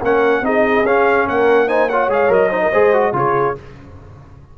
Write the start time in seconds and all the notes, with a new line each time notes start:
0.00 A#3 C#4 A#4 F#5
0.41 C4 D#4 G#4 D#5
0.83 C#4 F5
1.27 A#3 A#4 F#5
1.67 D#4 C5 G#5
1.89 F4 C#5 F#5
2.07 G#3 G#4 F5
2.28 F#3 A#4 D#5
2.50 D#4 C5
2.62 A#4
2.71 G#3 G#4 C5
2.93 F#4
3.13 C#3 F4 G#4 C#5